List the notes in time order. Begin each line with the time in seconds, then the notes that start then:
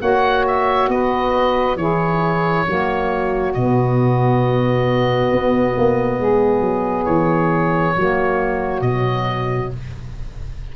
0.00 A#3 F#4 C#5 F#5
0.47 E5
0.88 B3 B4 D#5
1.76 E3 E4 G#4 C#5
2.66 F#3 A#3 F#4
3.53 B2 B3 D#5
5.31 B3
5.77 A#3
6.18 G#3 G#4
6.60 F#3
7.04 E3 C#5
7.95 F#3 A#3 F#4
8.81 B2 F#3 D#5